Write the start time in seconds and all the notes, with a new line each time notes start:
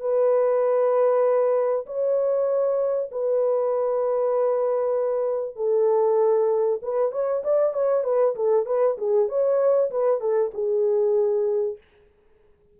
0.00 B4
1.86 C#5
3.11 B4
5.56 A4
6.82 B4
7.12 C#5
7.44 D5
7.73 C#5
8.04 B4
8.35 A4
8.66 B4
8.98 G#4
9.28 C#5
9.90 B4
10.20 A4
10.54 G#4